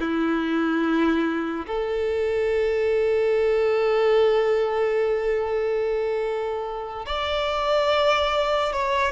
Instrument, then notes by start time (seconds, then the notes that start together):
violin
0.00 E4
1.67 A4
7.06 D5
8.73 C#5